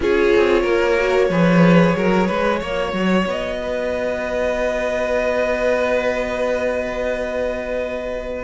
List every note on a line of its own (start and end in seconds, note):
0.00 0.33 C#4
0.00 0.98 F4
0.00 0.61 G#4
0.00 3.28 C#5
0.36 0.64 C4
0.61 1.29 A#3
0.61 1.26 A#4
0.98 1.30 F#4
1.29 1.94 F3
1.29 2.61 G#4
1.29 1.96 B4
1.96 2.28 F#3
1.96 2.27 A#4
2.27 2.62 G#3
2.27 2.59 B4
2.60 2.93 A#3
2.60 8.44 F#4
2.60 3.57 C#5
2.93 3.25 F#3
3.26 8.44 B3
3.26 8.44 D#5
3.62 8.44 B4